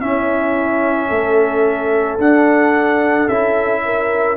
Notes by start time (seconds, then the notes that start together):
0.00 C#4 E4 E5
1.08 A3 A4
2.18 D4 F#5
3.28 C#4 E4 E5
3.85 A#4